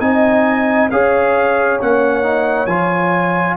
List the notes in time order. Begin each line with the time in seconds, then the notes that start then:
0.00 C4 D#4 D#5 G#5
0.91 C#4 G#4 C#5 F5
1.80 A#3 C#4 F#5
2.23 D#4
2.66 F3 F4 G#5